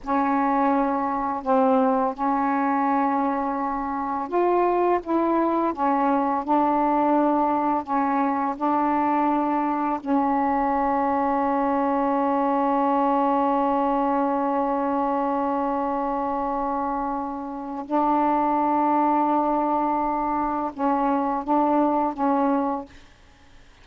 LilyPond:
\new Staff \with { instrumentName = "saxophone" } { \time 4/4 \tempo 4 = 84 cis'2 c'4 cis'4~ | cis'2 f'4 e'4 | cis'4 d'2 cis'4 | d'2 cis'2~ |
cis'1~ | cis'1~ | cis'4 d'2.~ | d'4 cis'4 d'4 cis'4 | }